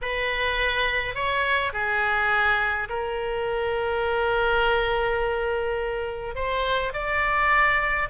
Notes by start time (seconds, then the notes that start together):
0.01 B4
1.14 C#5
1.73 G#4
2.89 A#4
6.35 C5
6.93 D5